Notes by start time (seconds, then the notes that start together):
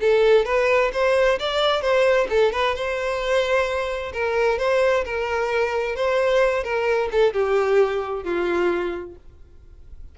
0.00 A4
0.45 B4
0.92 C5
1.39 D5
1.81 C5
2.29 A4
2.52 B4
2.75 C5
4.13 A#4
4.58 C5
5.04 A#4
5.95 C5
6.63 A#4
7.11 A4
7.33 G4
8.23 F4